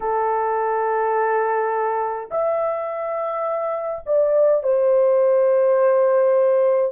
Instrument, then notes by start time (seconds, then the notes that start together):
horn
0.00 A4
2.31 E5
4.05 D5
4.63 C5